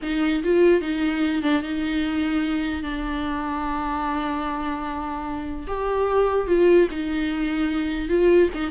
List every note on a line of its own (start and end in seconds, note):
0.02 0.43 D#4
0.43 0.81 F4
0.81 1.42 D#4
1.42 1.62 D4
1.62 2.82 D#4
2.82 5.66 D4
5.67 6.47 G4
6.47 6.88 F4
6.90 8.08 D#4
8.08 8.49 F4
8.54 8.70 D#4